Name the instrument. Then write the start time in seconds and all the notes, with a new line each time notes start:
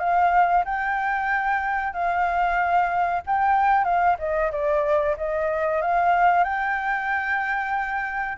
flute
0.00 F5
0.65 G5
1.93 F5
3.26 G5
3.84 F5
4.19 D#5
4.52 D5
5.18 D#5
5.82 F5
6.44 G5